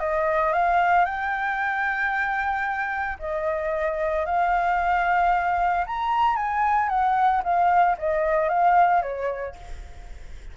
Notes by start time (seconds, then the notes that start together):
0.00 D#5
0.53 F5
1.05 G5
3.20 D#5
4.26 F5
5.87 A#5
6.36 G#5
6.89 F#5
7.44 F5
7.98 D#5
8.49 F5
9.02 C#5